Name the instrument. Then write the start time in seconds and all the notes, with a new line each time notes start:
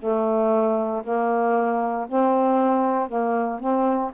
saxophone
0.00 A3
1.04 A#3
2.09 C4
3.09 A#3
3.60 C4